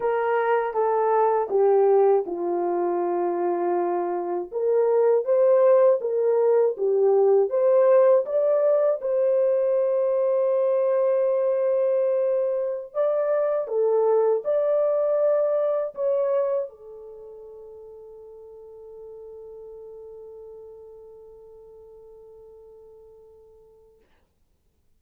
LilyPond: \new Staff \with { instrumentName = "horn" } { \time 4/4 \tempo 4 = 80 ais'4 a'4 g'4 f'4~ | f'2 ais'4 c''4 | ais'4 g'4 c''4 d''4 | c''1~ |
c''4~ c''16 d''4 a'4 d''8.~ | d''4~ d''16 cis''4 a'4.~ a'16~ | a'1~ | a'1 | }